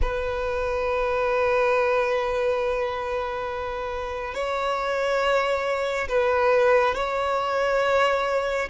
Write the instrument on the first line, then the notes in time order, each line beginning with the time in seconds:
violin
0.01 B4
4.34 C#5
6.08 B4
6.94 C#5